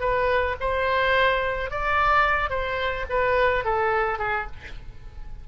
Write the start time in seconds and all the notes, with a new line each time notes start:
0.00 B4
0.60 C5
1.70 D5
2.50 C5
3.09 B4
3.64 A4
4.18 G#4